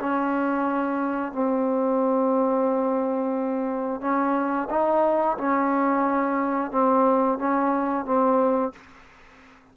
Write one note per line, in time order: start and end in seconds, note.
0.00 1.32 C#4
1.32 4.01 C4
4.01 4.68 C#4
4.70 5.37 D#4
5.38 6.71 C#4
6.71 7.39 C4
7.39 8.05 C#4
8.05 8.72 C4